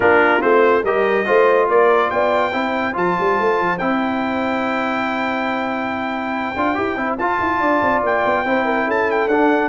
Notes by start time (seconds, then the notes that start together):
0.00 A#3 D4 F4 A#4
0.40 A3 C4 C5
0.83 G3 G4 A#4 D#5
1.25 A3 F4 C5
1.68 A#3 A#4 D5
2.10 B3 D5 G5
2.52 C4 E4 C5
2.93 F3 F4 A5
3.20 G3
3.39 A3
3.59 F3
3.78 C4 E4 G5
6.55 D4 F4
6.75 E4 G4
6.96 C4 E4
7.18 F4 A5
7.40 E4
7.59 D4 D5
7.82 C4
8.02 A#3 G5
8.25 B3
8.44 C4 E4 C5
8.64 A#4
8.86 C#4 A4 A5
9.10 G5
9.27 D4 F#5